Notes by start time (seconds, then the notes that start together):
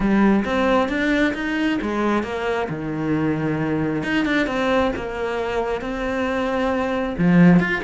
0.00 G3
0.44 C4
0.88 D4
1.34 D#4
1.81 G#3
2.23 A#3
2.69 D#3
4.03 D#4
4.25 D4
4.47 C4
4.96 A#3
5.81 C4
7.18 F3
7.59 F4